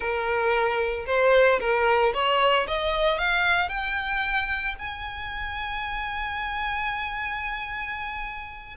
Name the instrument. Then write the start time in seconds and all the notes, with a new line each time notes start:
violin
0.00 A#4
1.06 C5
1.60 A#4
2.13 C#5
2.67 D#5
3.18 F5
3.68 G5
4.78 G#5